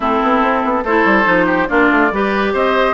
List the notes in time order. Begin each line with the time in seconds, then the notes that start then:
0.00 A3 C4 E4 A4
0.22 B3
0.42 C4
0.64 B3
0.84 A3 E4 A4 C5
1.04 G3
1.24 F3 D#4
1.46 G4
1.68 A#3 D4 F4 D5
1.90 A3
2.11 G3 G4 B4
2.53 C4 C5 D#5